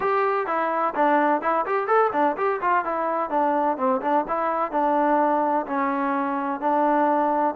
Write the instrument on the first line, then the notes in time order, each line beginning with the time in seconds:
trombone
0.00 G4
0.46 E4
0.94 D4
1.41 E4
1.66 G4
1.87 A4
2.12 D4
2.36 G4
2.61 F4
2.84 E4
3.30 D4
3.77 C4
4.01 D4
4.28 E4
4.71 D4
5.66 C#4
6.60 D4